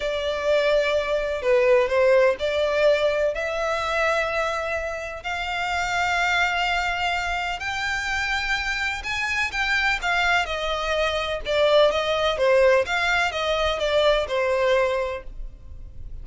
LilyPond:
\new Staff \with { instrumentName = "violin" } { \time 4/4 \tempo 4 = 126 d''2. b'4 | c''4 d''2 e''4~ | e''2. f''4~ | f''1 |
g''2. gis''4 | g''4 f''4 dis''2 | d''4 dis''4 c''4 f''4 | dis''4 d''4 c''2 | }